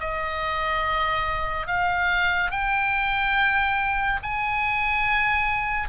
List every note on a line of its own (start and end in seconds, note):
0.00 1.67 D#5
1.67 2.51 F5
2.51 4.20 G5
4.23 5.88 G#5